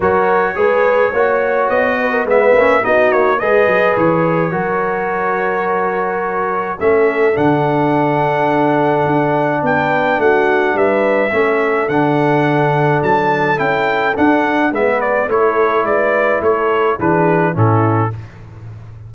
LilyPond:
<<
  \new Staff \with { instrumentName = "trumpet" } { \time 4/4 \tempo 4 = 106 cis''2. dis''4 | e''4 dis''8 cis''8 dis''4 cis''4~ | cis''1 | e''4 fis''2.~ |
fis''4 g''4 fis''4 e''4~ | e''4 fis''2 a''4 | g''4 fis''4 e''8 d''8 cis''4 | d''4 cis''4 b'4 a'4 | }
  \new Staff \with { instrumentName = "horn" } { \time 4/4 ais'4 b'4 cis''4. b'16 ais'16 | b'4 fis'4 b'2 | ais'1 | a'1~ |
a'4 b'4 fis'4 b'4 | a'1~ | a'2 b'4 a'4 | b'4 a'4 gis'4 e'4 | }
  \new Staff \with { instrumentName = "trombone" } { \time 4/4 fis'4 gis'4 fis'2 | b8 cis'8 dis'4 gis'2 | fis'1 | cis'4 d'2.~ |
d'1 | cis'4 d'2. | e'4 d'4 b4 e'4~ | e'2 d'4 cis'4 | }
  \new Staff \with { instrumentName = "tuba" } { \time 4/4 fis4 gis4 ais4 b4 | gis8 ais8 b8 ais8 gis8 fis8 e4 | fis1 | a4 d2. |
d'4 b4 a4 g4 | a4 d2 fis4 | cis'4 d'4 gis4 a4 | gis4 a4 e4 a,4 | }
>>